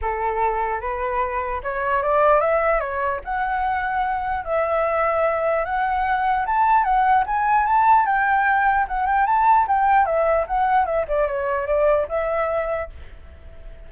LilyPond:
\new Staff \with { instrumentName = "flute" } { \time 4/4 \tempo 4 = 149 a'2 b'2 | cis''4 d''4 e''4 cis''4 | fis''2. e''4~ | e''2 fis''2 |
a''4 fis''4 gis''4 a''4 | g''2 fis''8 g''8 a''4 | g''4 e''4 fis''4 e''8 d''8 | cis''4 d''4 e''2 | }